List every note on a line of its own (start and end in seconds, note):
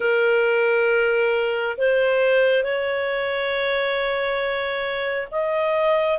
0.00 1.76 A#4
1.77 2.63 C5
2.63 5.28 C#5
5.31 6.18 D#5